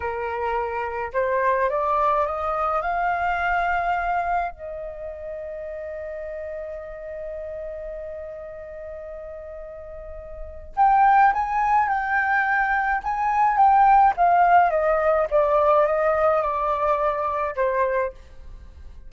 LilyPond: \new Staff \with { instrumentName = "flute" } { \time 4/4 \tempo 4 = 106 ais'2 c''4 d''4 | dis''4 f''2. | dis''1~ | dis''1~ |
dis''2. g''4 | gis''4 g''2 gis''4 | g''4 f''4 dis''4 d''4 | dis''4 d''2 c''4 | }